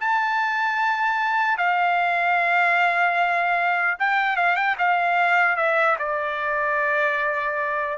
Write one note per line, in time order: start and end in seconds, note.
0.00 1.58 A5
1.58 3.98 F5
4.00 4.36 G5
4.36 4.56 F5
4.56 4.76 G5
4.79 5.57 F5
5.57 5.97 E5
5.99 7.98 D5